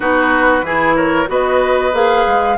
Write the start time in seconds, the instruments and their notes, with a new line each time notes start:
0.00 bassoon B3, clarinet D#4, oboe F#4, flute B4
0.62 bassoon E3, clarinet E4, oboe G#4
0.96 oboe A#4, flute C#5
1.26 bassoon B3, clarinet F#4, oboe B4, flute D#5
1.92 bassoon A#3, clarinet G#4, flute F5
2.26 bassoon G#3